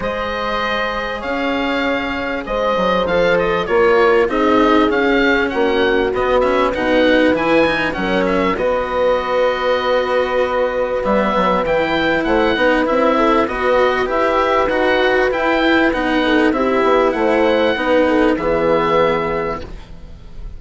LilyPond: <<
  \new Staff \with { instrumentName = "oboe" } { \time 4/4 \tempo 4 = 98 dis''2 f''2 | dis''4 f''8 dis''8 cis''4 dis''4 | f''4 fis''4 dis''8 e''8 fis''4 | gis''4 fis''8 e''8 dis''2~ |
dis''2 e''4 g''4 | fis''4 e''4 dis''4 e''4 | fis''4 g''4 fis''4 e''4 | fis''2 e''2 | }
  \new Staff \with { instrumentName = "horn" } { \time 4/4 c''2 cis''2 | c''2 ais'4 gis'4~ | gis'4 fis'2 b'4~ | b'4 ais'4 b'2~ |
b'1 | c''8 b'4 a'8 b'2~ | b'2~ b'8 a'8 g'4 | c''4 b'8 a'8 gis'2 | }
  \new Staff \with { instrumentName = "cello" } { \time 4/4 gis'1~ | gis'4 a'4 f'4 dis'4 | cis'2 b8 cis'8 dis'4 | e'8 dis'8 cis'4 fis'2~ |
fis'2 b4 e'4~ | e'8 dis'8 e'4 fis'4 g'4 | fis'4 e'4 dis'4 e'4~ | e'4 dis'4 b2 | }
  \new Staff \with { instrumentName = "bassoon" } { \time 4/4 gis2 cis'2 | gis8 fis8 f4 ais4 c'4 | cis'4 ais4 b4 b,4 | e4 fis4 b2~ |
b2 g8 fis8 e4 | a8 b8 c'4 b4 e'4 | dis'4 e'4 b4 c'8 b8 | a4 b4 e2 | }
>>